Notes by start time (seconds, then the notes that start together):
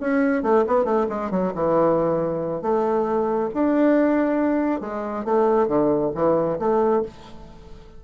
0.00 C#4
0.43 A3
0.67 B3
0.84 A3
1.09 G#3
1.30 F#3
1.54 E3
2.62 A3
3.54 D4
4.81 G#3
5.25 A3
5.67 D3
6.14 E3
6.59 A3